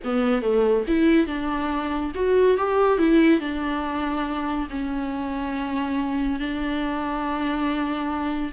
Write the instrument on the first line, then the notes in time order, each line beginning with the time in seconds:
viola
0.04 B3
0.42 A3
0.87 E4
1.26 D4
2.14 F#4
2.57 G4
2.98 E4
3.40 D4
4.69 C#4
6.39 D4